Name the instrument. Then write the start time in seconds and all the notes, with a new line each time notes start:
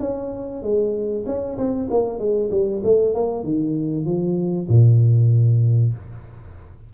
tuba
0.00 C#4
0.63 G#3
1.26 C#4
1.58 C4
1.91 A#3
2.19 G#3
2.51 G3
2.84 A3
3.14 A#3
3.44 D#3
4.05 F3
4.69 A#2